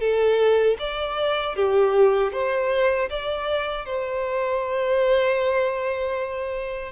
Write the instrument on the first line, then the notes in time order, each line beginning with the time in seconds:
violin
0.00 A4
0.79 D5
1.56 G4
2.33 C5
3.10 D5
3.86 C5